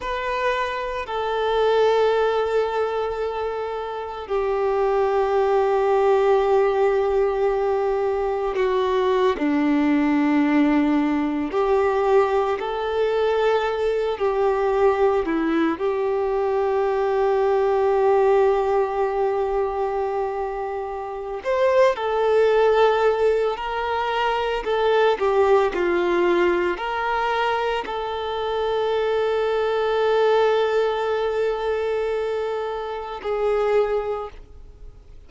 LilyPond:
\new Staff \with { instrumentName = "violin" } { \time 4/4 \tempo 4 = 56 b'4 a'2. | g'1 | fis'8. d'2 g'4 a'16~ | a'4~ a'16 g'4 e'8 g'4~ g'16~ |
g'1 | c''8 a'4. ais'4 a'8 g'8 | f'4 ais'4 a'2~ | a'2. gis'4 | }